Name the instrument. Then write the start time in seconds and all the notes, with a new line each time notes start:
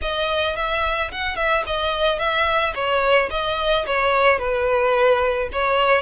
violin
0.01 D#5
0.56 E5
1.11 F#5
1.36 E5
1.66 D#5
2.18 E5
2.74 C#5
3.30 D#5
3.86 C#5
4.38 B4
5.52 C#5